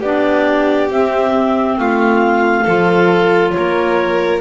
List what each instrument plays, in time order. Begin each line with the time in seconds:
0.00 double bass B3, clarinet D4 D5, violin G4
0.90 double bass C4, clarinet C4 E5
1.78 double bass A3, violin F4, clarinet F5
2.64 double bass F3, clarinet F4, violin A4
3.51 violin A#4, clarinet C#5
3.58 double bass A#3